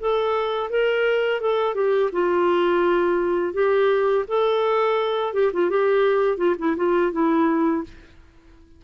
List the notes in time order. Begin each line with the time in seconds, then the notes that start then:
0.00 A4
0.70 A#4
1.41 A4
1.75 G4
2.12 F4
3.54 G4
4.28 A4
5.34 G4
5.53 F4
5.70 G4
6.38 F4
6.59 E4
6.77 F4
7.13 E4